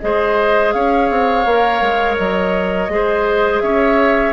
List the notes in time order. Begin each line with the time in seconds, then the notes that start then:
0.00 G#3 G#4 C5 D#5
0.72 C#4 C#5 F5
1.10 C4
1.45 A#3 A#4
1.81 G#3
2.17 F#3 D#5
2.89 G#3 G#4 C5
3.61 C#4 C#5 E5